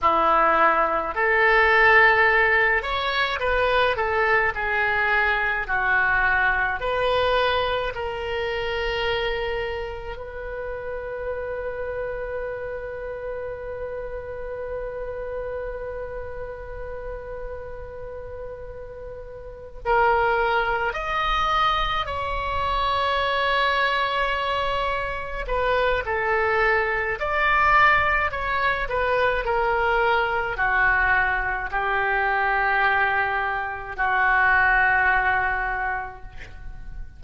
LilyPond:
\new Staff \with { instrumentName = "oboe" } { \time 4/4 \tempo 4 = 53 e'4 a'4. cis''8 b'8 a'8 | gis'4 fis'4 b'4 ais'4~ | ais'4 b'2.~ | b'1~ |
b'4. ais'4 dis''4 cis''8~ | cis''2~ cis''8 b'8 a'4 | d''4 cis''8 b'8 ais'4 fis'4 | g'2 fis'2 | }